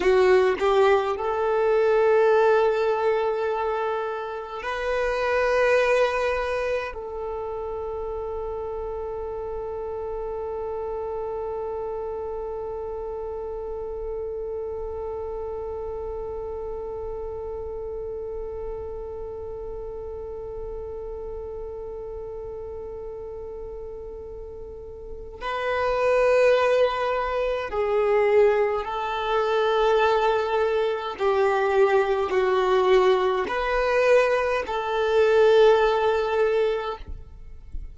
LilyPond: \new Staff \with { instrumentName = "violin" } { \time 4/4 \tempo 4 = 52 fis'8 g'8 a'2. | b'2 a'2~ | a'1~ | a'1~ |
a'1~ | a'2 b'2 | gis'4 a'2 g'4 | fis'4 b'4 a'2 | }